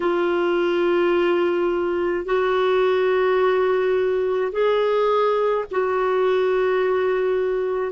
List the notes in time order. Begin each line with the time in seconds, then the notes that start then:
0.00 F4
2.25 F#4
4.51 G#4
5.71 F#4